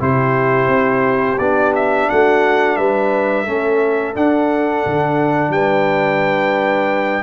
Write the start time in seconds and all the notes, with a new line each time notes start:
0.00 C3 E4 G4 C5
0.68 C4
1.39 B3 D4 D5
1.75 E5
2.10 A3 F#4 F#5
2.77 G3 B4 E5
3.44 A3 C#4 A4
4.15 D4 F#5
4.86 D3
5.49 G3 B4 G5